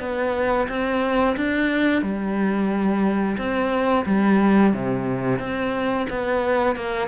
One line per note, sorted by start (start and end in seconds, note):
0.00 0.67 B3
0.69 1.36 C4
1.37 2.03 D4
2.03 3.37 G3
3.38 4.05 C4
4.06 4.73 G3
4.74 5.39 C3
5.39 6.07 C4
6.10 6.76 B3
6.76 7.08 A#3